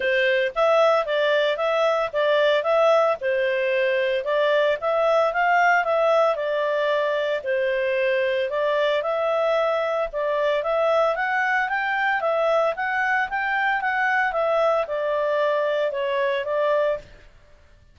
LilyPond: \new Staff \with { instrumentName = "clarinet" } { \time 4/4 \tempo 4 = 113 c''4 e''4 d''4 e''4 | d''4 e''4 c''2 | d''4 e''4 f''4 e''4 | d''2 c''2 |
d''4 e''2 d''4 | e''4 fis''4 g''4 e''4 | fis''4 g''4 fis''4 e''4 | d''2 cis''4 d''4 | }